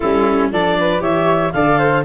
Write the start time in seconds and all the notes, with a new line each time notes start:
0.00 G3 C#4 E4 A4
0.52 F3 D4 A4 D5
0.79 B4
0.99 E3 G4 C#5 E5
1.52 D3 A4 D5 F5
1.78 C5